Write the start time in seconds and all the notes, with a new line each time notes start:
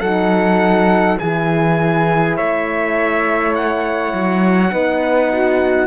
0.00 F#3 D#4 A4 F#5
1.19 E3 E4 G#4 G#5
2.36 A3 C#5 E5
3.54 F#5
4.13 F#3
4.71 B3 D#4 B4
5.31 F#4